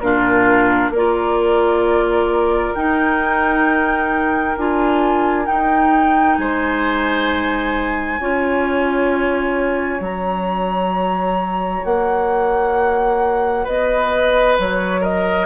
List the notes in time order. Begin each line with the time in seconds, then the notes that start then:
0.00 A#2 D4 F4 A#4
0.90 A#3 A#4 D5
0.96 F4
2.74 D#4 G5
4.57 D4 F4 G#5
5.45 D#4 G5
6.37 G#3 C5 G#5
8.20 C#4 F4 C#5
9.99 F#3 F#4 A#5
11.84 A#3 F#5
13.64 B3 B4 D#5
14.59 F#3 C#5
15.01 A#4 D#5